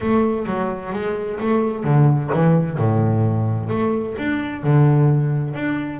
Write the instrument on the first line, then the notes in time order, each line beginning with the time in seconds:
double bass
0.00 A3
0.46 F#3
0.93 G#3
1.40 A3
1.84 D3
2.33 E3
2.78 A2
3.69 A3
4.18 D4
4.63 D3
5.53 D4